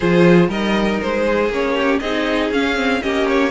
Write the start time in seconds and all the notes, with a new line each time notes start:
0.00 F3 F4 G#4 C5
0.48 G3 D#4 A#4 D#5
1.01 G#3 C5
1.25 G#4
1.49 A#3 C#4 C#5
1.75 G4
1.99 C4 D#4 G#4 D#5
2.50 C#4 F5
2.76 C4
3.01 A#3 C#4 G4 D#5
3.28 C#5